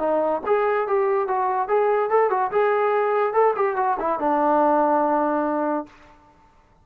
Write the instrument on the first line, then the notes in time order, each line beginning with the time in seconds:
trombone
0.00 D#4
0.47 G#4
0.88 G4
1.28 F#4
1.69 G#4
2.10 A4
2.30 F#4
2.52 G#4
3.34 A4
3.56 G4
3.77 F#4
4.00 E4
4.20 D4